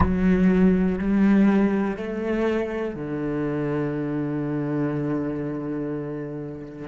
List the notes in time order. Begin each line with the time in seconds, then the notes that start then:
0.00 F#3
0.98 G3
1.97 A3
2.94 D3